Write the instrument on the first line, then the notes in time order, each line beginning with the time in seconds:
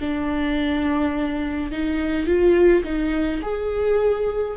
viola
0.00 D4
1.71 D#4
2.26 F4
2.83 D#4
3.42 G#4